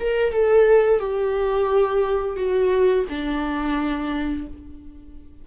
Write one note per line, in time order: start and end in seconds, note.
0.00 0.33 A#4
0.33 1.00 A4
1.00 2.36 G4
2.36 3.05 F#4
3.09 4.47 D4